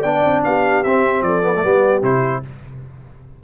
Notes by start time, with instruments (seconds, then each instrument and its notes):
0.00 tuba B3, trombone D4, horn D5, trumpet G5
0.24 tuba C4
0.44 tuba B3, horn G4, trumpet F5
0.83 tuba C4, trombone C4, trumpet E5
1.22 tuba F3, horn A4, trumpet D5
1.42 trombone B3
1.56 trombone A3
1.63 tuba G3, trombone B3, horn G4
2.02 tuba C3, trombone E4, trumpet C5